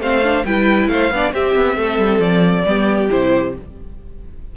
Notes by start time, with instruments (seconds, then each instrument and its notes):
0.00 cello A3, viola C4, violin C5 F5
0.23 viola D4
0.46 cello G3, viola E4, violin B4 G5
0.88 cello A3, violin C5 F5
1.11 cello B3, viola D4, violin D5
1.33 cello C4, viola C4, violin G4 E5
1.56 cello B3
1.77 cello A3, violin A4
1.98 cello G3
2.19 cello F3, violin D5
2.66 cello G3, viola B3, violin G4
3.10 cello C3, viola E4, violin C5